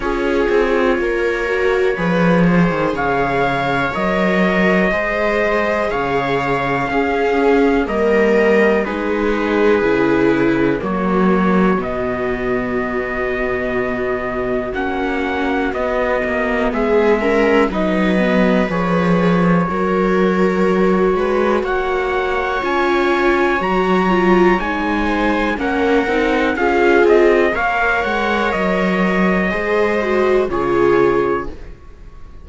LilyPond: <<
  \new Staff \with { instrumentName = "trumpet" } { \time 4/4 \tempo 4 = 61 cis''2. f''4 | dis''2 f''2 | dis''4 b'2 cis''4 | dis''2. fis''4 |
dis''4 e''4 dis''4 cis''4~ | cis''2 fis''4 gis''4 | ais''4 gis''4 fis''4 f''8 dis''8 | f''8 fis''8 dis''2 cis''4 | }
  \new Staff \with { instrumentName = "viola" } { \time 4/4 gis'4 ais'4 b'8 c''8 cis''4~ | cis''4 c''4 cis''4 gis'4 | ais'4 gis'2 fis'4~ | fis'1~ |
fis'4 gis'8 ais'8 b'2 | ais'4. b'8 cis''2~ | cis''4. c''8 ais'4 gis'4 | cis''2 c''4 gis'4 | }
  \new Staff \with { instrumentName = "viola" } { \time 4/4 f'4. fis'8 gis'2 | ais'4 gis'2 cis'4 | ais4 dis'4 e'4 ais4 | b2. cis'4 |
b4. cis'8 dis'8 b8 gis'4 | fis'2. f'4 | fis'8 f'8 dis'4 cis'8 dis'8 f'4 | ais'2 gis'8 fis'8 f'4 | }
  \new Staff \with { instrumentName = "cello" } { \time 4/4 cis'8 c'8 ais4 f8. dis16 cis4 | fis4 gis4 cis4 cis'4 | g4 gis4 cis4 fis4 | b,2. ais4 |
b8 ais8 gis4 fis4 f4 | fis4. gis8 ais4 cis'4 | fis4 gis4 ais8 c'8 cis'8 c'8 | ais8 gis8 fis4 gis4 cis4 | }
>>